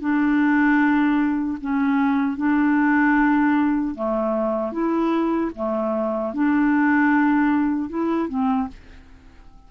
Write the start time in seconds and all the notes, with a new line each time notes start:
0.00 D4
1.61 C#4
2.37 D4
3.95 A3
4.72 E4
5.56 A3
6.33 D4
7.89 E4
8.28 C4